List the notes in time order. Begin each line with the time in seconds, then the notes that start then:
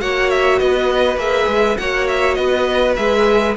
0.00 A#3 F#4 C#5 F#5
0.30 E5
0.58 B3 B4 D#5
1.16 A#3 G#4 E5
1.47 G#3
1.77 A#3 F#4 C#5 F#5
2.08 E5
2.34 B3 B4 D#5
2.96 G#3 G#4 E5